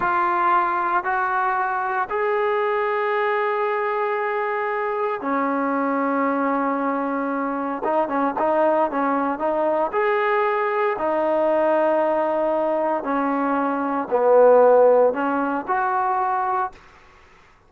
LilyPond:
\new Staff \with { instrumentName = "trombone" } { \time 4/4 \tempo 4 = 115 f'2 fis'2 | gis'1~ | gis'2 cis'2~ | cis'2. dis'8 cis'8 |
dis'4 cis'4 dis'4 gis'4~ | gis'4 dis'2.~ | dis'4 cis'2 b4~ | b4 cis'4 fis'2 | }